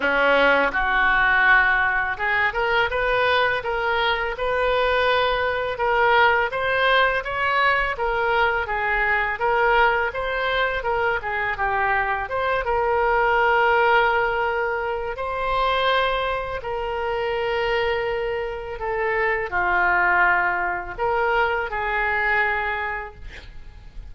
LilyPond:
\new Staff \with { instrumentName = "oboe" } { \time 4/4 \tempo 4 = 83 cis'4 fis'2 gis'8 ais'8 | b'4 ais'4 b'2 | ais'4 c''4 cis''4 ais'4 | gis'4 ais'4 c''4 ais'8 gis'8 |
g'4 c''8 ais'2~ ais'8~ | ais'4 c''2 ais'4~ | ais'2 a'4 f'4~ | f'4 ais'4 gis'2 | }